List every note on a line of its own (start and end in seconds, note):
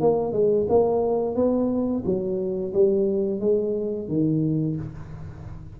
0.00 0.32 A#3
0.32 0.66 G#3
0.68 1.35 A#3
1.35 2.03 B3
2.05 2.73 F#3
2.73 3.40 G3
3.40 4.08 G#3
4.08 4.76 D#3